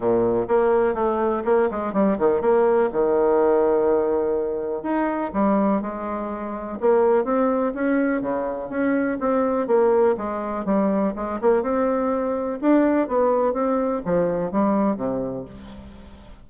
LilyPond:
\new Staff \with { instrumentName = "bassoon" } { \time 4/4 \tempo 4 = 124 ais,4 ais4 a4 ais8 gis8 | g8 dis8 ais4 dis2~ | dis2 dis'4 g4 | gis2 ais4 c'4 |
cis'4 cis4 cis'4 c'4 | ais4 gis4 g4 gis8 ais8 | c'2 d'4 b4 | c'4 f4 g4 c4 | }